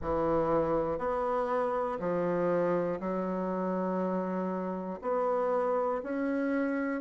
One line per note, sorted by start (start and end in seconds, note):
0.01 0.98 E3
0.98 1.98 B3
2.00 3.00 F3
3.00 5.00 F#3
5.01 6.01 B3
6.03 7.00 C#4